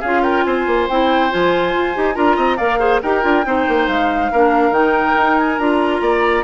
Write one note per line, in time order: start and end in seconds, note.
0.00 0.45 C#4
0.00 0.90 F4
0.00 0.21 G#4
0.00 0.22 F5
0.22 0.44 A#4
0.22 0.44 G5
0.44 0.66 C4
0.44 2.15 C5
0.44 0.87 G#5
0.66 0.88 A#3
0.88 1.32 C4
0.88 1.30 E4
0.88 1.31 G5
1.30 1.74 F3
1.30 1.94 F4
1.30 2.14 G#5
1.74 1.95 F4
1.94 2.16 D#4
1.94 2.14 G4
2.14 2.37 D4
2.14 2.57 F4
2.14 2.36 A#4
2.14 2.57 A#5
2.36 2.58 C4
2.36 2.57 D#5
2.57 3.02 A#3
2.57 2.79 A#4
2.57 2.78 D5
2.57 3.00 F5
2.79 3.00 G#4
2.79 3.01 C5
3.02 3.24 D#4
3.02 3.22 G4
3.02 3.45 A#4
3.02 3.88 G5
3.22 3.45 D4
3.22 3.43 F4
3.45 3.66 C4
3.45 4.31 D#4
3.45 4.31 C5
3.68 3.87 A#3
3.87 4.30 G#3
3.87 4.73 F5
4.31 4.70 A#3
4.31 4.73 D4
4.31 6.01 A#4
4.70 5.12 D#3
4.70 5.58 D#4
4.70 5.37 G5
5.16 5.58 D#4
5.37 5.58 G#5
5.58 6.01 D4
5.58 6.44 F4
5.58 6.44 A#5
6.01 6.43 A#3
6.01 6.44 D5